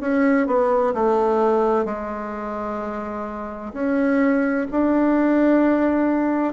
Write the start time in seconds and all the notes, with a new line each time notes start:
0.00 C#4
0.46 B3
0.94 A3
1.85 G#3
3.73 C#4
4.71 D4